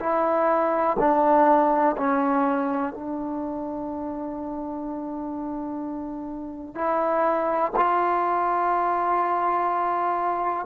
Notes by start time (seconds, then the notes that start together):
0.00 E4
0.99 D4
1.97 C#4
2.93 D4
6.75 E4
7.76 F4